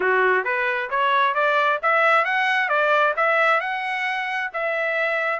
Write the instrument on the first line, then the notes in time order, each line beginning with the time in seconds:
trumpet
0.00 F#4
0.44 B4
0.90 C#5
1.34 D5
1.82 E5
2.25 F#5
2.68 D5
3.16 E5
3.60 F#5
4.53 E5